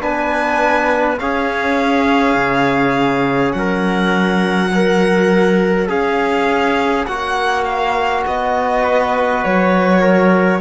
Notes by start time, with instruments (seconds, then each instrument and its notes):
0.00 cello B3, trombone D4, trumpet B4, violin G#5
1.18 trombone C#4, cello C#4, trumpet G#4, violin F5
2.35 cello C#3
3.52 cello F#3, violin F#5
3.59 trumpet A#4
4.72 trombone A#4, trumpet C#5
5.88 cello C#4, trombone G#4, violin F5
7.06 cello A#3, trombone F#4, violin F#5
7.65 violin F5
8.27 cello B3, violin D#5
8.83 trumpet B4
9.44 cello F#3, violin C#5
10.01 trumpet A#4